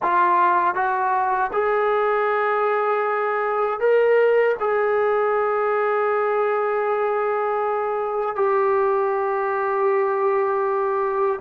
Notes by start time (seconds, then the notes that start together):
0.02 F4
0.75 F#4
1.52 G#4
3.79 A#4
4.59 G#4
8.35 G4